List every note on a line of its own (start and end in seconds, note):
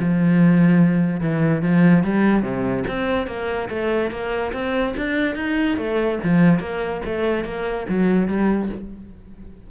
0.00 1.21 F3
1.21 1.63 E3
1.63 2.04 F3
2.04 2.43 G3
2.43 2.84 C3
2.88 3.27 C4
3.27 3.69 A#3
3.70 4.11 A3
4.11 4.53 A#3
4.53 4.95 C4
4.97 5.36 D4
5.36 5.77 D#4
5.78 6.20 A3
6.24 6.60 F3
6.60 7.02 A#3
7.06 7.45 A3
7.45 7.87 A#3
7.89 8.28 F#3
8.28 8.70 G3